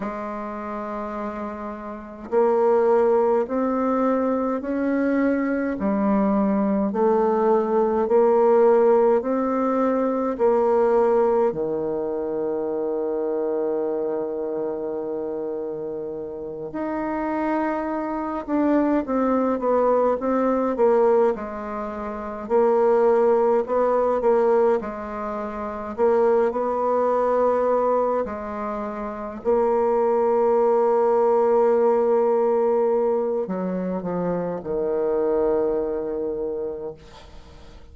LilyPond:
\new Staff \with { instrumentName = "bassoon" } { \time 4/4 \tempo 4 = 52 gis2 ais4 c'4 | cis'4 g4 a4 ais4 | c'4 ais4 dis2~ | dis2~ dis8 dis'4. |
d'8 c'8 b8 c'8 ais8 gis4 ais8~ | ais8 b8 ais8 gis4 ais8 b4~ | b8 gis4 ais2~ ais8~ | ais4 fis8 f8 dis2 | }